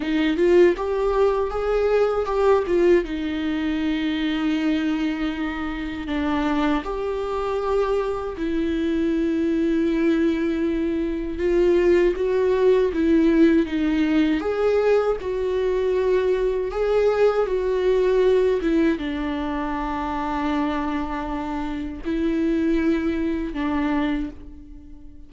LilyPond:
\new Staff \with { instrumentName = "viola" } { \time 4/4 \tempo 4 = 79 dis'8 f'8 g'4 gis'4 g'8 f'8 | dis'1 | d'4 g'2 e'4~ | e'2. f'4 |
fis'4 e'4 dis'4 gis'4 | fis'2 gis'4 fis'4~ | fis'8 e'8 d'2.~ | d'4 e'2 d'4 | }